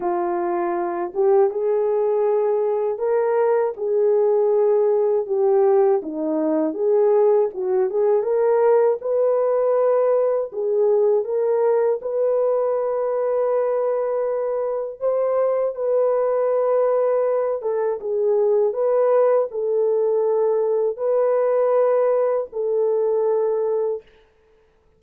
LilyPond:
\new Staff \with { instrumentName = "horn" } { \time 4/4 \tempo 4 = 80 f'4. g'8 gis'2 | ais'4 gis'2 g'4 | dis'4 gis'4 fis'8 gis'8 ais'4 | b'2 gis'4 ais'4 |
b'1 | c''4 b'2~ b'8 a'8 | gis'4 b'4 a'2 | b'2 a'2 | }